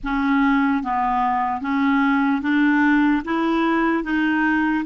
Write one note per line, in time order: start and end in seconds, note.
0.03 0.83 C#4
0.83 1.61 B3
1.61 2.41 C#4
2.41 3.22 D4
3.24 4.03 E4
4.03 4.84 D#4